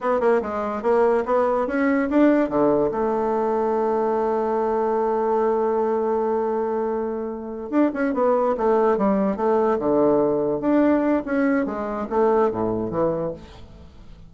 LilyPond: \new Staff \with { instrumentName = "bassoon" } { \time 4/4 \tempo 4 = 144 b8 ais8 gis4 ais4 b4 | cis'4 d'4 d4 a4~ | a1~ | a1~ |
a2~ a8 d'8 cis'8 b8~ | b8 a4 g4 a4 d8~ | d4. d'4. cis'4 | gis4 a4 a,4 e4 | }